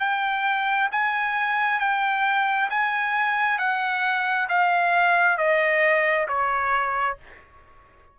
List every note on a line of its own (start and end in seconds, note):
0.00 0.90 G5
0.92 1.80 G#5
1.80 2.69 G5
2.70 3.59 G#5
3.59 4.49 F#5
4.49 5.38 F5
5.38 6.27 D#5
6.28 7.18 C#5